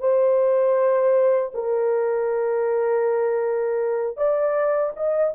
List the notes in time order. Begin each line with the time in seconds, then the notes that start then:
0.00 C5
1.54 A#4
4.17 D5
4.96 D#5